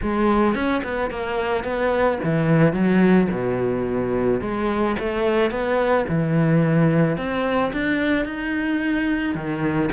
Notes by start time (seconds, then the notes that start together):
0.02 G#3
0.54 C#4
0.83 B3
1.10 A#3
1.63 B3
2.23 E3
2.73 F#3
3.31 B2
4.40 G#3
4.99 A3
5.50 B3
6.08 E3
7.17 C4
7.72 D4
8.25 D#4
9.34 D#3